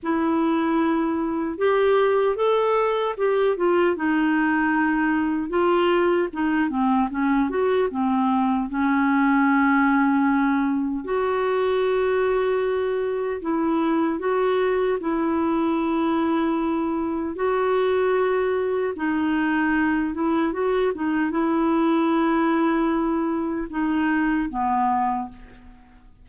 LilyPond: \new Staff \with { instrumentName = "clarinet" } { \time 4/4 \tempo 4 = 76 e'2 g'4 a'4 | g'8 f'8 dis'2 f'4 | dis'8 c'8 cis'8 fis'8 c'4 cis'4~ | cis'2 fis'2~ |
fis'4 e'4 fis'4 e'4~ | e'2 fis'2 | dis'4. e'8 fis'8 dis'8 e'4~ | e'2 dis'4 b4 | }